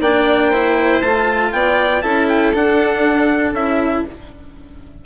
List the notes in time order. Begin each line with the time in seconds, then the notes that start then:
0.00 A#3 D4 D5 G5
0.49 E4 C5
1.01 A3 F4 A5
1.52 B3 D5 G5
2.02 C#4 E4 A4 A5
2.29 G5
2.54 D4 F#5
3.52 C#4 E4 E5